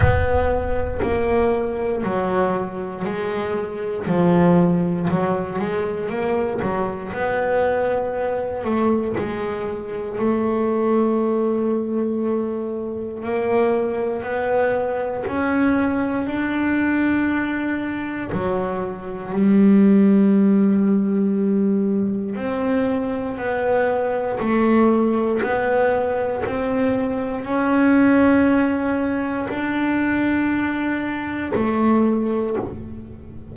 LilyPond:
\new Staff \with { instrumentName = "double bass" } { \time 4/4 \tempo 4 = 59 b4 ais4 fis4 gis4 | f4 fis8 gis8 ais8 fis8 b4~ | b8 a8 gis4 a2~ | a4 ais4 b4 cis'4 |
d'2 fis4 g4~ | g2 c'4 b4 | a4 b4 c'4 cis'4~ | cis'4 d'2 a4 | }